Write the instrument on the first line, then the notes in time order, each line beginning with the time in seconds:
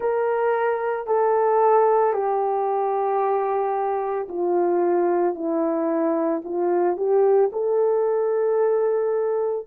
horn
0.00 A#4
1.06 A4
2.13 G4
4.28 F4
5.34 E4
6.44 F4
6.96 G4
7.52 A4